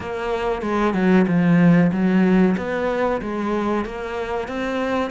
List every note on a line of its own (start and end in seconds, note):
0.00 0.62 A#3
0.62 0.94 G#3
0.94 1.26 F#3
1.27 1.91 F3
1.92 2.56 F#3
2.57 3.21 B3
3.21 3.85 G#3
3.85 4.48 A#3
4.48 5.10 C4